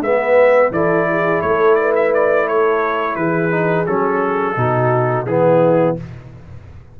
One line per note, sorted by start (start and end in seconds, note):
0.00 0.70 G#3
0.00 0.73 B3
0.00 0.73 B4
0.00 0.72 E5
0.71 1.41 E3
0.71 3.51 E4
0.71 1.08 A4
0.71 1.41 D5
1.10 1.45 G#4
1.41 3.16 A3
1.41 1.80 A4
1.41 1.75 C#5
1.75 2.45 B4
1.75 1.92 D5
1.95 2.13 E5
2.14 2.48 D5
2.45 3.15 A4
2.45 3.15 C#5
3.15 3.85 E3
3.15 4.56 G#4
3.15 3.85 B4
3.51 3.86 D#4
3.86 4.56 F#3
3.86 4.56 C#4
3.86 5.26 A4
4.56 5.26 B2
4.56 5.26 D#4
4.56 5.26 F#4
5.26 5.96 E3
5.26 5.97 B3
5.26 6.00 E4
5.26 5.96 G#4